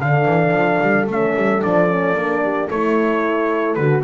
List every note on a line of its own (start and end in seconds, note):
0.00 0.26 D3
0.00 1.09 D4
0.00 2.43 A4
0.00 1.09 F5
0.26 0.52 E3
0.52 0.79 F3
0.82 1.07 G3
1.07 1.34 A3
1.07 1.61 C#4
1.07 1.63 E5
1.36 1.63 G3
1.61 2.15 F3
1.61 1.88 D4
1.61 2.70 D5
1.89 2.16 C#4
2.15 2.69 A#3
2.15 2.71 D4
2.43 2.70 G4
2.70 3.77 A3
2.70 3.80 E4
2.70 4.04 A4
2.70 3.75 C#5
3.75 4.04 D3
3.75 4.04 F#4
3.75 4.02 B4